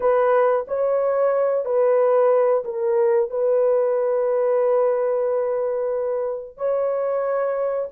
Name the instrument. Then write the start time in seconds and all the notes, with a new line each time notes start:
horn
0.00 B4
0.67 C#5
1.65 B4
2.64 A#4
3.30 B4
6.57 C#5